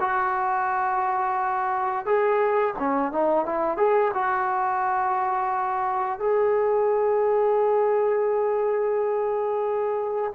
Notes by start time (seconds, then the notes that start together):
0.00 F#4
2.05 G#4
2.79 C#4
3.12 D#4
3.45 E4
3.77 G#4
4.14 F#4
6.19 G#4